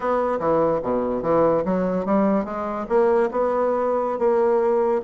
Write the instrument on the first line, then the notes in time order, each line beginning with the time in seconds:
bassoon
0.00 B3
0.39 E3
0.82 B2
1.22 E3
1.64 F#3
2.05 G3
2.44 G#3
2.88 A#3
3.31 B3
4.19 A#3